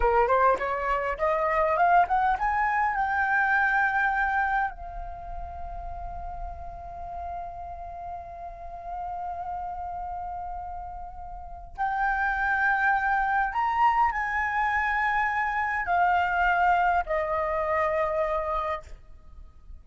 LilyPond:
\new Staff \with { instrumentName = "flute" } { \time 4/4 \tempo 4 = 102 ais'8 c''8 cis''4 dis''4 f''8 fis''8 | gis''4 g''2. | f''1~ | f''1~ |
f''1 | g''2. ais''4 | gis''2. f''4~ | f''4 dis''2. | }